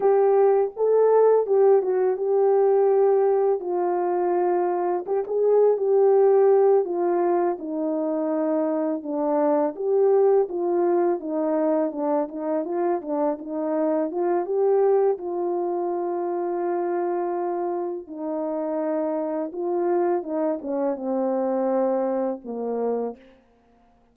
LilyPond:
\new Staff \with { instrumentName = "horn" } { \time 4/4 \tempo 4 = 83 g'4 a'4 g'8 fis'8 g'4~ | g'4 f'2 g'16 gis'8. | g'4. f'4 dis'4.~ | dis'8 d'4 g'4 f'4 dis'8~ |
dis'8 d'8 dis'8 f'8 d'8 dis'4 f'8 | g'4 f'2.~ | f'4 dis'2 f'4 | dis'8 cis'8 c'2 ais4 | }